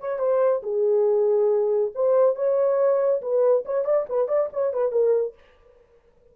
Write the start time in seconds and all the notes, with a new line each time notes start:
0.00 C#5
0.19 C5
0.63 G#4
1.95 C5
2.36 C#5
3.21 B4
3.65 C#5
3.85 D5
4.09 B4
4.28 D5
4.53 C#5
4.73 B4
4.92 A#4